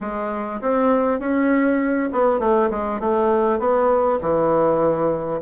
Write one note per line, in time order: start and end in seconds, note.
0.00 0.60 G#3
0.61 1.19 C4
1.19 2.09 C#4
2.12 2.39 B3
2.39 2.69 A3
2.70 3.00 G#3
3.00 3.59 A3
3.59 4.19 B3
4.21 5.41 E3